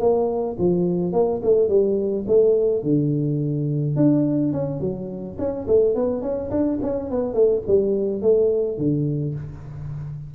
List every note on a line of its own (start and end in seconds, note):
0.00 0.57 A#3
0.58 1.13 F3
1.13 1.41 A#3
1.43 1.69 A3
1.69 2.25 G3
2.27 2.83 A3
2.83 3.96 D3
3.96 4.52 D4
4.52 4.80 C#4
4.80 5.37 F#3
5.39 5.67 C#4
5.67 5.95 A3
5.95 6.22 B3
6.22 6.50 C#4
6.50 6.79 D4
6.82 7.10 C#4
7.10 7.34 B3
7.34 7.62 A3
7.67 8.22 G3
8.22 8.78 A3
8.78 9.34 D3